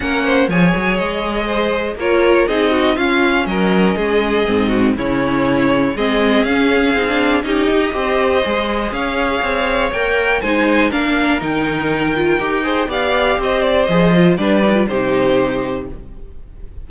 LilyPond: <<
  \new Staff \with { instrumentName = "violin" } { \time 4/4 \tempo 4 = 121 fis''4 gis''4 dis''2 | cis''4 dis''4 f''4 dis''4~ | dis''2 cis''2 | dis''4 f''2 dis''4~ |
dis''2 f''2 | g''4 gis''4 f''4 g''4~ | g''2 f''4 dis''8 d''8 | dis''4 d''4 c''2 | }
  \new Staff \with { instrumentName = "violin" } { \time 4/4 ais'8 c''8 cis''2 c''4 | ais'4 gis'8 fis'8 f'4 ais'4 | gis'4. fis'8 e'2 | gis'2. g'4 |
c''2 cis''2~ | cis''4 c''4 ais'2~ | ais'4. c''8 d''4 c''4~ | c''4 b'4 g'2 | }
  \new Staff \with { instrumentName = "viola" } { \time 4/4 cis'4 gis'2. | f'4 dis'4 cis'2~ | cis'4 c'4 cis'2 | c'4 cis'4 dis'16 d'8. dis'4 |
g'4 gis'2. | ais'4 dis'4 d'4 dis'4~ | dis'8 f'8 g'8 gis'8 g'2 | gis'8 f'8 d'8 dis'16 f'16 dis'2 | }
  \new Staff \with { instrumentName = "cello" } { \time 4/4 ais4 f8 fis8 gis2 | ais4 c'4 cis'4 fis4 | gis4 gis,4 cis2 | gis4 cis'4 c'4 cis'8 dis'8 |
c'4 gis4 cis'4 c'4 | ais4 gis4 ais4 dis4~ | dis4 dis'4 b4 c'4 | f4 g4 c2 | }
>>